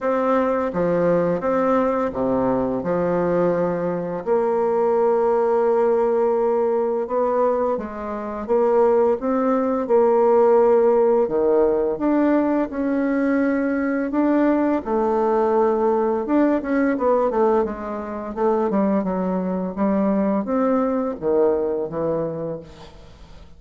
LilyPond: \new Staff \with { instrumentName = "bassoon" } { \time 4/4 \tempo 4 = 85 c'4 f4 c'4 c4 | f2 ais2~ | ais2 b4 gis4 | ais4 c'4 ais2 |
dis4 d'4 cis'2 | d'4 a2 d'8 cis'8 | b8 a8 gis4 a8 g8 fis4 | g4 c'4 dis4 e4 | }